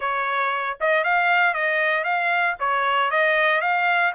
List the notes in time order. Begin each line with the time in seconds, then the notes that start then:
0.00 C#5
0.80 D#5
1.04 F5
1.54 D#5
2.04 F5
2.59 C#5
3.10 D#5
3.61 F5